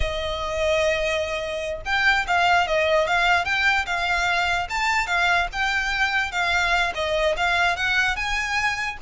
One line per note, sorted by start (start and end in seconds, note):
0.00 1.81 D#5
1.85 2.26 G5
2.27 2.67 F5
2.67 3.07 D#5
3.07 3.44 F5
3.44 3.85 G5
3.86 4.67 F5
4.69 5.06 A5
5.06 5.47 F5
5.52 6.31 G5
6.31 6.93 F5
6.94 7.35 D#5
7.36 7.76 F5
7.76 8.16 F#5
8.16 8.97 G#5